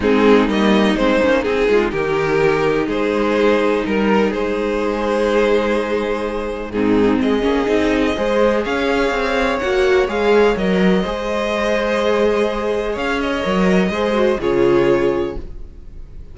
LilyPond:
<<
  \new Staff \with { instrumentName = "violin" } { \time 4/4 \tempo 4 = 125 gis'4 dis''4 c''4 gis'4 | ais'2 c''2 | ais'4 c''2.~ | c''2 gis'4 dis''4~ |
dis''2 f''2 | fis''4 f''4 dis''2~ | dis''2. f''8 dis''8~ | dis''2 cis''2 | }
  \new Staff \with { instrumentName = "violin" } { \time 4/4 dis'2.~ dis'8 f'8 | g'2 gis'2 | ais'4 gis'2.~ | gis'2 dis'4 gis'4~ |
gis'4 c''4 cis''2~ | cis''2. c''4~ | c''2. cis''4~ | cis''4 c''4 gis'2 | }
  \new Staff \with { instrumentName = "viola" } { \time 4/4 c'4 ais4 c'8 cis'8 dis'4~ | dis'1~ | dis'1~ | dis'2 c'4. cis'8 |
dis'4 gis'2. | fis'4 gis'4 ais'4 gis'4~ | gis'1 | ais'4 gis'8 fis'8 f'2 | }
  \new Staff \with { instrumentName = "cello" } { \time 4/4 gis4 g4 gis8 ais8 c'8 gis8 | dis2 gis2 | g4 gis2.~ | gis2 gis,4 gis8 ais8 |
c'4 gis4 cis'4 c'4 | ais4 gis4 fis4 gis4~ | gis2. cis'4 | fis4 gis4 cis2 | }
>>